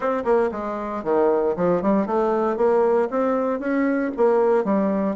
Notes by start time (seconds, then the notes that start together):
0.00 C4
0.24 A#3
0.51 G#3
1.03 D#3
1.56 F3
1.82 G3
2.06 A3
2.57 A#3
3.10 C4
3.59 C#4
4.16 A#3
4.64 G3